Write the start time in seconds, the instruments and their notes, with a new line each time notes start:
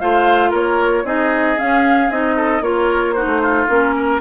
0.00 bassoon A3, clarinet F4, oboe C5, flute F5
0.51 bassoon A#3, oboe A#4, flute C#5
1.04 bassoon C4, clarinet D#4, oboe G#4, flute D#5
1.57 clarinet C#4, bassoon C#4, flute F5
2.10 bassoon C4, clarinet D#4, flute D#5
2.37 oboe A4
2.62 bassoon A#3, clarinet F4, oboe A#4, flute C#5
3.13 clarinet D#4, oboe F#4, flute C5
3.26 bassoon A3
3.42 oboe F4
3.69 bassoon A#3, clarinet C#4, flute A#4
3.96 oboe A#4